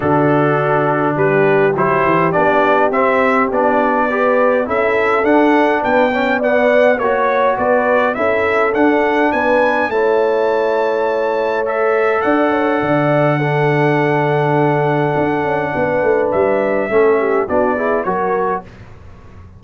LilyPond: <<
  \new Staff \with { instrumentName = "trumpet" } { \time 4/4 \tempo 4 = 103 a'2 b'4 c''4 | d''4 e''4 d''2 | e''4 fis''4 g''4 fis''4 | cis''4 d''4 e''4 fis''4 |
gis''4 a''2. | e''4 fis''2.~ | fis''1 | e''2 d''4 cis''4 | }
  \new Staff \with { instrumentName = "horn" } { \time 4/4 fis'2 g'2~ | g'2. b'4 | a'2 b'8 cis''8 d''4 | cis''4 b'4 a'2 |
b'4 cis''2.~ | cis''4 d''8 cis''8 d''4 a'4~ | a'2. b'4~ | b'4 a'8 g'8 fis'8 gis'8 ais'4 | }
  \new Staff \with { instrumentName = "trombone" } { \time 4/4 d'2. e'4 | d'4 c'4 d'4 g'4 | e'4 d'4. cis'8 b4 | fis'2 e'4 d'4~ |
d'4 e'2. | a'2. d'4~ | d'1~ | d'4 cis'4 d'8 e'8 fis'4 | }
  \new Staff \with { instrumentName = "tuba" } { \time 4/4 d2 g4 fis8 e8 | b4 c'4 b2 | cis'4 d'4 b2 | ais4 b4 cis'4 d'4 |
b4 a2.~ | a4 d'4 d2~ | d2 d'8 cis'8 b8 a8 | g4 a4 b4 fis4 | }
>>